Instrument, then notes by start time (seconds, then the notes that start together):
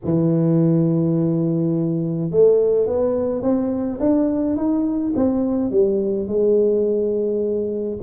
tuba
0.04 E3
2.30 A3
2.86 B3
3.42 C4
3.99 D4
4.56 D#4
5.15 C4
5.70 G3
6.27 G#3